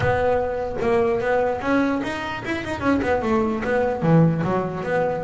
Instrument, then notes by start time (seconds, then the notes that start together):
double bass
0.00 B3
0.81 A#3
1.20 B3
1.61 C#4
2.03 D#4
2.44 E4
2.64 D#4
2.80 C#4
3.01 B3
3.22 A3
3.64 B3
4.02 E3
4.43 F#3
4.83 B3